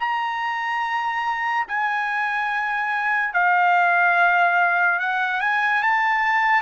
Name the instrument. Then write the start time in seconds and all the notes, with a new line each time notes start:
trumpet
0.00 A#5
1.68 G#5
3.34 F5
4.99 F#5
5.41 G#5
5.83 A5